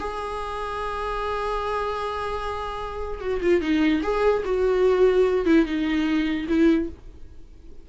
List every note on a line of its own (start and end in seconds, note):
0.00 3.21 G#4
3.21 3.41 F#4
3.42 3.62 F4
3.62 4.02 D#4
4.03 4.44 G#4
4.45 5.46 F#4
5.46 5.66 E4
5.66 6.47 D#4
6.49 6.89 E4